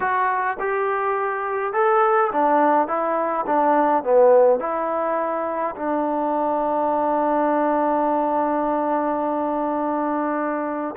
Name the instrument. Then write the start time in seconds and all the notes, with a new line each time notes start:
trombone
0.00 F#4
0.59 G4
1.73 A4
2.32 D4
2.87 E4
3.46 D4
4.03 B3
4.59 E4
5.75 D4